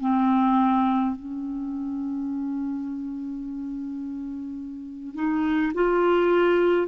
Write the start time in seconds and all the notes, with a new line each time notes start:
0.00 C4
1.15 C#4
5.15 D#4
5.74 F4